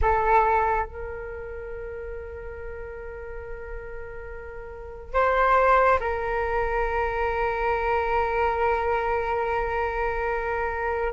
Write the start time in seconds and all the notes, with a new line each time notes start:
0.01 A4
0.86 A#4
5.13 C5
6.00 A#4